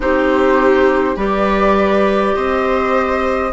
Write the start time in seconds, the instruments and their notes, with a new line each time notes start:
0.00 bassoon C4, clarinet D#4, viola G4, flute C5
1.16 bassoon G3, clarinet G4, viola B4, flute D5
2.35 bassoon C4, viola C5, flute D#5